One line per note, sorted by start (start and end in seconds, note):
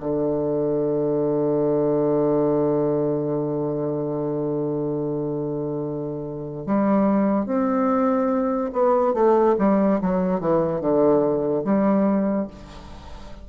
0.00 6.66 D3
6.66 7.46 G3
7.46 8.71 C4
8.73 9.14 B3
9.14 9.56 A3
9.58 10.00 G3
10.01 10.40 F#3
10.40 10.81 E3
10.81 11.64 D3
11.64 12.47 G3